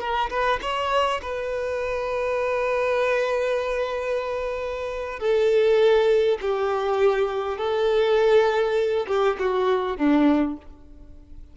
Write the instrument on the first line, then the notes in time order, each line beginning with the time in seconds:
violin
0.00 A#4
0.30 B4
0.62 C#5
1.22 B4
5.20 A4
6.41 G4
7.58 A4
9.07 G4
9.39 F#4
9.97 D4